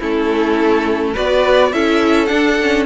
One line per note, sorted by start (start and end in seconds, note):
0.00 1.16 A3
0.00 1.15 C#4
0.00 1.12 E4
0.00 1.16 A4
1.12 1.73 B3
1.12 1.72 F#4
1.12 1.69 B4
1.12 1.72 D5
1.72 2.30 C#4
1.72 2.27 E4
1.72 2.86 A4
1.72 2.26 E5
2.26 2.56 D4
2.26 2.86 D4
2.26 2.83 F#5
2.61 2.86 C#4